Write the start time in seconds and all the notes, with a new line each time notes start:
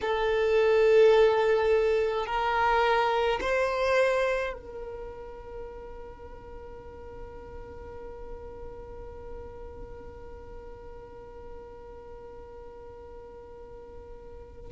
0.01 A4
2.26 A#4
3.41 C5
4.53 A#4